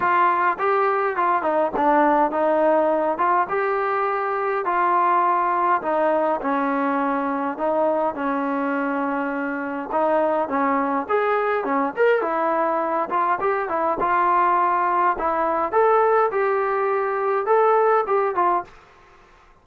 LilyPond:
\new Staff \with { instrumentName = "trombone" } { \time 4/4 \tempo 4 = 103 f'4 g'4 f'8 dis'8 d'4 | dis'4. f'8 g'2 | f'2 dis'4 cis'4~ | cis'4 dis'4 cis'2~ |
cis'4 dis'4 cis'4 gis'4 | cis'8 ais'8 e'4. f'8 g'8 e'8 | f'2 e'4 a'4 | g'2 a'4 g'8 f'8 | }